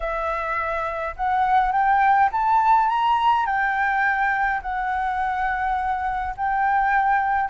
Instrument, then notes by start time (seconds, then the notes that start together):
flute
0.00 E5
1.16 F#5
1.72 G5
2.32 A5
2.88 A#5
3.45 G5
4.62 F#5
6.36 G5